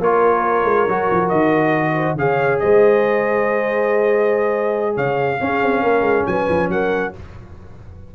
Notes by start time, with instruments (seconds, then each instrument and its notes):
0.00 tuba A#3, trombone F4, horn A#4, trumpet C#5
0.64 tuba G#3
0.87 tuba F#3, trombone F#4
1.12 tuba F3
1.29 tuba D#3, trumpet D#5
1.94 horn C5
2.14 tuba C#3, trombone G#4, horn C#5, trumpet F5
2.59 tuba G#3, horn C5, trumpet D#5
4.95 tuba C#3, horn C#5, trumpet F5
5.40 trombone C#4, tuba C#4, horn G#4
5.62 tuba C4
5.83 tuba A#3, horn A#4
6.01 tuba G#3
6.26 tuba F#3, horn B4, trumpet G#5
6.49 tuba F3
6.68 tuba F#3, horn A#4, trumpet F#5